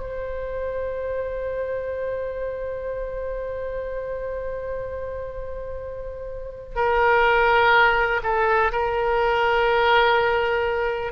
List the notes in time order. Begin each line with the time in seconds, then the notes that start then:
0.00 C5
6.76 A#4
8.23 A4
8.72 A#4